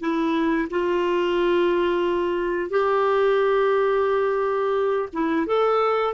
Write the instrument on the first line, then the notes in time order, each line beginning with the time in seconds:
clarinet
0.00 E4
0.70 F4
2.70 G4
5.13 E4
5.46 A4